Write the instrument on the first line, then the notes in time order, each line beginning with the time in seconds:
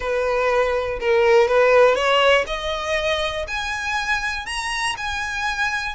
violin
0.00 B4
1.00 A#4
1.48 B4
1.95 C#5
2.46 D#5
3.47 G#5
4.46 A#5
4.97 G#5